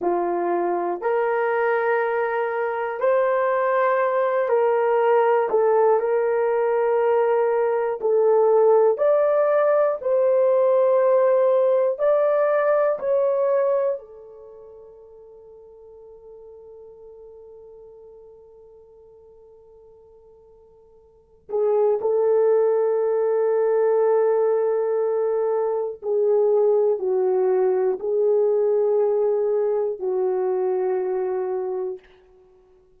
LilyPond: \new Staff \with { instrumentName = "horn" } { \time 4/4 \tempo 4 = 60 f'4 ais'2 c''4~ | c''8 ais'4 a'8 ais'2 | a'4 d''4 c''2 | d''4 cis''4 a'2~ |
a'1~ | a'4. gis'8 a'2~ | a'2 gis'4 fis'4 | gis'2 fis'2 | }